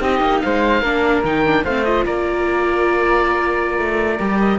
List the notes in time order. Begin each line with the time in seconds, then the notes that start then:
0.00 C4 D#4 G4 D#5
0.20 A#3
0.41 G#3 C5 F5
0.81 A#3 D4 A#4
1.23 D#3 D#4 G5
1.45 D4
1.64 A3 C4 C5 F5
1.84 F4 D#5
2.05 A#3 A#4 D5
3.78 A3
4.18 G3 G4
4.40 D#5